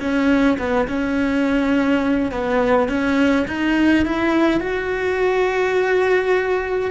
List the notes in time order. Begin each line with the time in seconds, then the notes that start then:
0.00 C#4
0.58 B3
0.87 C#4
2.31 B3
2.88 C#4
3.47 D#4
4.05 E4
4.60 F#4